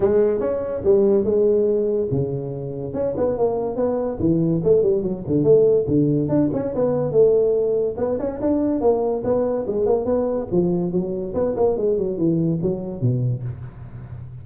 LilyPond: \new Staff \with { instrumentName = "tuba" } { \time 4/4 \tempo 4 = 143 gis4 cis'4 g4 gis4~ | gis4 cis2 cis'8 b8 | ais4 b4 e4 a8 g8 | fis8 d8 a4 d4 d'8 cis'8 |
b4 a2 b8 cis'8 | d'4 ais4 b4 gis8 ais8 | b4 f4 fis4 b8 ais8 | gis8 fis8 e4 fis4 b,4 | }